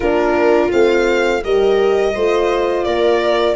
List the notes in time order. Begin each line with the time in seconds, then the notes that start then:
0.00 A#3 D4 F4 A#4
0.71 A3 C4 F5
1.43 G3 G4 A#4 D#5
2.14 A3 F4 C5
2.83 A#3 A#4 D5